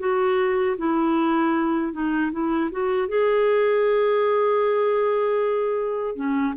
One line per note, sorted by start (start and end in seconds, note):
0.00 0.77 F#4
0.78 1.93 E4
1.93 2.31 D#4
2.32 2.71 E4
2.72 3.08 F#4
3.08 6.16 G#4
6.16 6.54 C#4